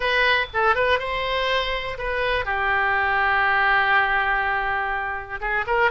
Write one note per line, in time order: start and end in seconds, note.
0.00 0.46 B4
0.53 0.75 A4
0.75 0.99 B4
0.99 1.97 C5
1.98 2.45 B4
2.45 5.40 G4
5.40 5.65 G#4
5.66 5.91 A#4